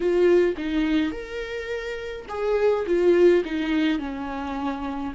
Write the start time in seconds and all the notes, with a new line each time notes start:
0.00 F4
0.57 D#4
1.11 A#4
2.28 G#4
2.86 F4
3.44 D#4
3.98 C#4